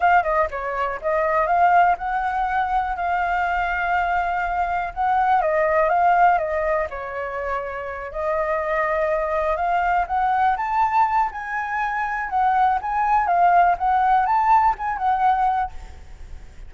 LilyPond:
\new Staff \with { instrumentName = "flute" } { \time 4/4 \tempo 4 = 122 f''8 dis''8 cis''4 dis''4 f''4 | fis''2 f''2~ | f''2 fis''4 dis''4 | f''4 dis''4 cis''2~ |
cis''8 dis''2. f''8~ | f''8 fis''4 a''4. gis''4~ | gis''4 fis''4 gis''4 f''4 | fis''4 a''4 gis''8 fis''4. | }